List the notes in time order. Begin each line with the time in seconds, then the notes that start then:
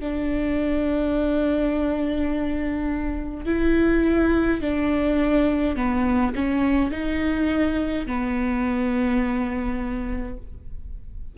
0.00 D4
3.46 E4
4.62 D4
5.76 B3
6.35 C#4
6.91 D#4
8.07 B3